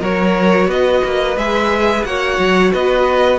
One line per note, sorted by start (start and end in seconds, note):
0.00 0.67 F#3
0.00 1.36 F#4
0.00 0.68 A#4
0.00 0.71 C#5
0.67 1.01 B3
0.67 2.07 B4
0.67 1.38 D#5
1.04 1.36 A#3
1.36 2.04 G#3
1.36 2.05 G#4
1.36 2.04 E5
2.04 2.38 A#3
2.04 3.39 F#4
2.04 2.73 C#5
2.04 2.72 F#5
2.39 2.72 F#3
2.73 3.39 B3
2.73 3.39 B4
2.73 3.39 D#5